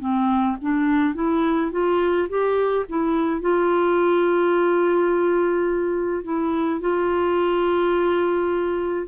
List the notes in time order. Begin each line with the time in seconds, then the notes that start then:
0.00 C4
0.62 D4
1.15 E4
1.72 F4
2.30 G4
2.89 E4
3.42 F4
6.24 E4
6.81 F4